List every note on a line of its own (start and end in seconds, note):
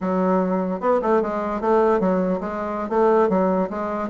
0.00 0.80 F#3
0.80 1.00 B3
1.01 1.21 A3
1.21 1.60 G#3
1.60 2.00 A3
2.00 2.40 F#3
2.40 2.89 G#3
2.89 3.29 A3
3.29 3.69 F#3
3.70 4.09 G#3